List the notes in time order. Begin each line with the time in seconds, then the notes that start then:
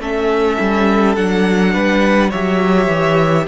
0.00 A3 C#4 A4 E5
0.59 G3
1.15 F#3 D4 F#5
1.73 G3 B4
2.30 F#3 G4 C#5 E5
2.88 E3